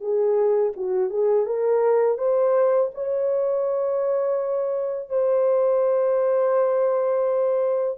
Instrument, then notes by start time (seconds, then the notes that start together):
horn
0.00 G#4
0.76 F#4
1.10 G#4
1.46 A#4
2.18 C5
2.94 C#5
5.09 C5